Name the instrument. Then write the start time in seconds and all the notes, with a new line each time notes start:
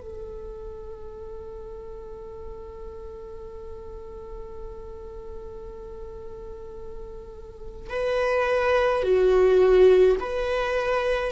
viola
0.00 A4
7.89 B4
9.03 F#4
10.19 B4